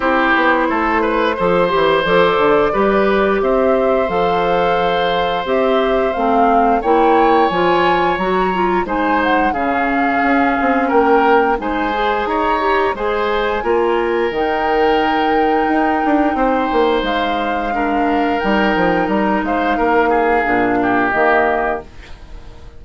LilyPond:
<<
  \new Staff \with { instrumentName = "flute" } { \time 4/4 \tempo 4 = 88 c''2. d''4~ | d''4 e''4 f''2 | e''4 f''4 g''4 gis''4 | ais''4 gis''8 fis''8 f''2 |
g''4 gis''4 ais''4 gis''4~ | gis''4 g''2.~ | g''4 f''2 g''4 | ais''8 f''2~ f''8 dis''4 | }
  \new Staff \with { instrumentName = "oboe" } { \time 4/4 g'4 a'8 b'8 c''2 | b'4 c''2.~ | c''2 cis''2~ | cis''4 c''4 gis'2 |
ais'4 c''4 cis''4 c''4 | ais'1 | c''2 ais'2~ | ais'8 c''8 ais'8 gis'4 g'4. | }
  \new Staff \with { instrumentName = "clarinet" } { \time 4/4 e'2 a'8 g'8 a'4 | g'2 a'2 | g'4 c'4 e'4 f'4 | fis'8 f'8 dis'4 cis'2~ |
cis'4 dis'8 gis'4 g'8 gis'4 | f'4 dis'2.~ | dis'2 d'4 dis'4~ | dis'2 d'4 ais4 | }
  \new Staff \with { instrumentName = "bassoon" } { \time 4/4 c'8 b8 a4 f8 e8 f8 d8 | g4 c'4 f2 | c'4 a4 ais4 f4 | fis4 gis4 cis4 cis'8 c'8 |
ais4 gis4 dis'4 gis4 | ais4 dis2 dis'8 d'8 | c'8 ais8 gis2 g8 f8 | g8 gis8 ais4 ais,4 dis4 | }
>>